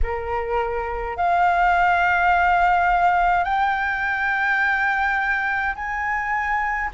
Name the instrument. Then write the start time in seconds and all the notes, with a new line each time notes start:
flute
0.03 A#4
1.16 F5
3.44 G5
5.75 G#5